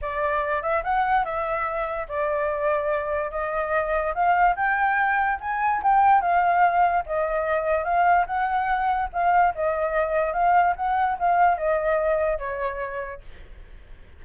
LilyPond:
\new Staff \with { instrumentName = "flute" } { \time 4/4 \tempo 4 = 145 d''4. e''8 fis''4 e''4~ | e''4 d''2. | dis''2 f''4 g''4~ | g''4 gis''4 g''4 f''4~ |
f''4 dis''2 f''4 | fis''2 f''4 dis''4~ | dis''4 f''4 fis''4 f''4 | dis''2 cis''2 | }